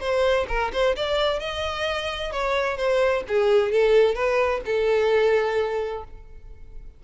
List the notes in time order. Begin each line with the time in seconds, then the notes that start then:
0.00 C5
0.48 A#4
0.73 C5
0.96 D5
1.40 D#5
2.32 C#5
2.77 C5
3.28 G#4
3.72 A4
4.15 B4
4.66 A4